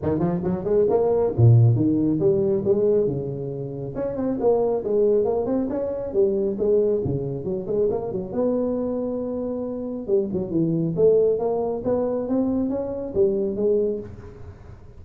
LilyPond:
\new Staff \with { instrumentName = "tuba" } { \time 4/4 \tempo 4 = 137 dis8 f8 fis8 gis8 ais4 ais,4 | dis4 g4 gis4 cis4~ | cis4 cis'8 c'8 ais4 gis4 | ais8 c'8 cis'4 g4 gis4 |
cis4 fis8 gis8 ais8 fis8 b4~ | b2. g8 fis8 | e4 a4 ais4 b4 | c'4 cis'4 g4 gis4 | }